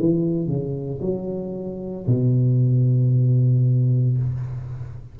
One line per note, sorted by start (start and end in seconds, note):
0.00 0.47 E3
0.47 1.00 C#3
1.01 2.07 F#3
2.07 4.18 B2